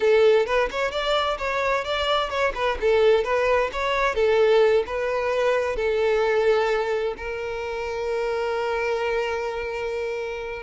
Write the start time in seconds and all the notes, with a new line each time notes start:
0.00 A4
0.46 B4
0.70 C#5
0.91 D5
1.38 C#5
1.84 D5
2.29 C#5
2.54 B4
2.80 A4
3.24 B4
3.72 C#5
4.15 A4
4.86 B4
5.76 A4
7.17 A#4